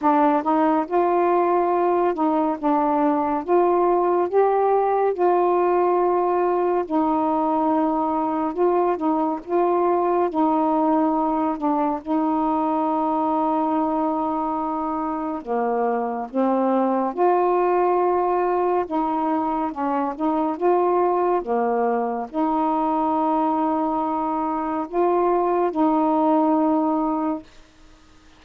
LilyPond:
\new Staff \with { instrumentName = "saxophone" } { \time 4/4 \tempo 4 = 70 d'8 dis'8 f'4. dis'8 d'4 | f'4 g'4 f'2 | dis'2 f'8 dis'8 f'4 | dis'4. d'8 dis'2~ |
dis'2 ais4 c'4 | f'2 dis'4 cis'8 dis'8 | f'4 ais4 dis'2~ | dis'4 f'4 dis'2 | }